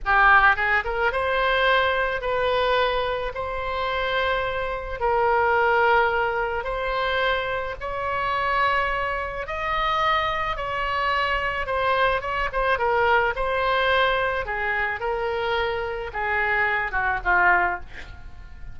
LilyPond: \new Staff \with { instrumentName = "oboe" } { \time 4/4 \tempo 4 = 108 g'4 gis'8 ais'8 c''2 | b'2 c''2~ | c''4 ais'2. | c''2 cis''2~ |
cis''4 dis''2 cis''4~ | cis''4 c''4 cis''8 c''8 ais'4 | c''2 gis'4 ais'4~ | ais'4 gis'4. fis'8 f'4 | }